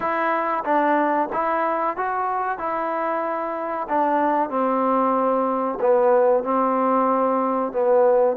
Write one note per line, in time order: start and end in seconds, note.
0.00 0.63 E4
0.64 1.28 D4
1.32 1.96 E4
1.96 2.58 F#4
2.58 3.87 E4
3.89 4.49 D4
4.49 5.78 C4
5.80 6.43 B3
6.43 7.72 C4
7.72 8.36 B3